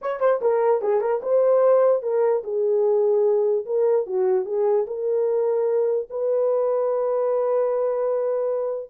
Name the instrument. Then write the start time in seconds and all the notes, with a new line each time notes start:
horn
0.01 C#5
0.20 C5
0.41 A#4
0.81 G#4
1.00 A#4
1.22 C5
2.02 A#4
2.43 G#4
3.65 A#4
4.06 F#4
4.45 G#4
4.86 A#4
6.10 B4